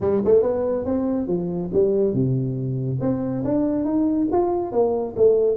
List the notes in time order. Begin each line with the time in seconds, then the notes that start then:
0.00 G3
0.25 A3
0.42 B3
0.85 C4
1.27 F3
1.73 G3
2.13 C3
3.00 C4
3.44 D4
3.84 D#4
4.31 F4
4.71 A#3
5.16 A3